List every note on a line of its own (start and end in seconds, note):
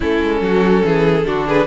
0.00 0.22 A3
0.00 1.25 C#4
0.00 0.40 E4
0.00 1.48 A4
0.22 0.41 G#3
0.41 0.83 F#3
0.41 0.84 F#4
0.84 1.26 E3
0.84 1.27 G#4
1.25 1.66 D3
1.25 1.66 D4
1.25 1.47 F#4
1.47 1.66 G#4
1.47 1.66 B4